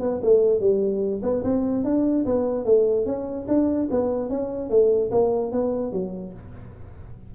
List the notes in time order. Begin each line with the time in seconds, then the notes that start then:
0.00 B3
0.22 A3
0.60 G3
1.22 B3
1.43 C4
1.84 D4
2.25 B3
2.65 A3
3.06 C#4
3.47 D4
3.90 B3
4.29 C#4
4.70 A3
5.11 A#3
5.52 B3
5.92 F#3